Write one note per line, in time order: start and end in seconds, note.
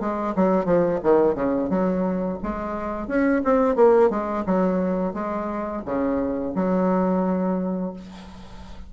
0.00 0.34 G#3
0.35 0.65 F#3
0.65 1.00 F3
1.03 1.35 D#3
1.35 1.69 C#3
1.69 2.38 F#3
2.43 3.08 G#3
3.08 3.42 C#4
3.45 3.76 C4
3.76 4.10 A#3
4.10 4.45 G#3
4.46 5.13 F#3
5.13 5.82 G#3
5.85 6.54 C#3
6.55 7.93 F#3